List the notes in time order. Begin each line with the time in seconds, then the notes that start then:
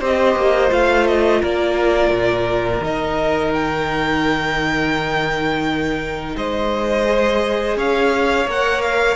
0.00 C4 G4 C5 D#5
0.35 A#3
0.69 A3 F4 F5
1.07 D#5
1.40 A#3 A#4 D5
2.10 A#2
2.82 D#3 D#4 D#5
3.53 G5
6.36 G#3 C5 D#5
7.05 G#4
7.76 C#4 C#5 F5
8.46 A#3 A#4 F#5
8.82 F5